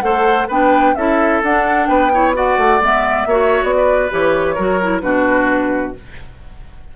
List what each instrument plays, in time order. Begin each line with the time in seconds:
0.00 bassoon A3, clarinet A4, oboe C5, flute F#5
0.47 bassoon B3, clarinet D4, oboe B4, flute G5
0.94 bassoon C#4, clarinet E4, oboe A4, flute E5
1.42 bassoon D4, clarinet D4, flute F#5
1.86 bassoon B3, oboe B4, flute G5
2.12 clarinet E4, oboe C#5
2.33 clarinet F#4, oboe D5, flute F#5
2.57 bassoon A3
2.80 bassoon G#3, clarinet B3, flute E5
3.25 bassoon A#3, clarinet F#4, oboe C#5
3.63 bassoon B3, flute D5
3.76 oboe B4
4.09 bassoon E3, clarinet G4, flute C#5
4.54 bassoon F#3, clarinet F#4, oboe A#4
4.81 clarinet E4
5.00 bassoon B2, clarinet D4, oboe F#4, flute B4